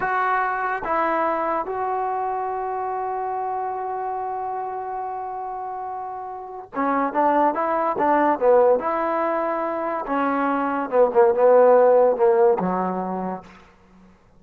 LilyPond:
\new Staff \with { instrumentName = "trombone" } { \time 4/4 \tempo 4 = 143 fis'2 e'2 | fis'1~ | fis'1~ | fis'1 |
cis'4 d'4 e'4 d'4 | b4 e'2. | cis'2 b8 ais8 b4~ | b4 ais4 fis2 | }